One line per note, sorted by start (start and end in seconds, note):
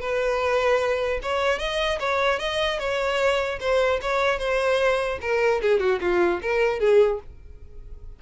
0.00 1.20 B4
1.23 1.59 C#5
1.59 1.99 D#5
2.00 2.39 C#5
2.39 2.79 D#5
2.79 3.59 C#5
3.60 4.00 C5
4.02 4.39 C#5
4.39 5.19 C5
5.21 5.61 A#4
5.62 5.79 G#4
5.79 5.99 F#4
6.01 6.41 F4
6.42 6.80 A#4
6.80 7.20 G#4